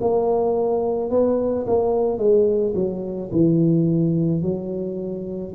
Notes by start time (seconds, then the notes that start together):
0.00 A#3
1.10 B3
1.67 A#3
2.18 G#3
2.74 F#3
3.31 E3
4.41 F#3